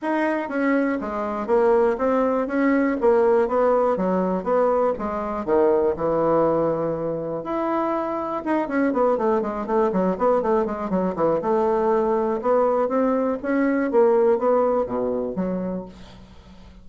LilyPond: \new Staff \with { instrumentName = "bassoon" } { \time 4/4 \tempo 4 = 121 dis'4 cis'4 gis4 ais4 | c'4 cis'4 ais4 b4 | fis4 b4 gis4 dis4 | e2. e'4~ |
e'4 dis'8 cis'8 b8 a8 gis8 a8 | fis8 b8 a8 gis8 fis8 e8 a4~ | a4 b4 c'4 cis'4 | ais4 b4 b,4 fis4 | }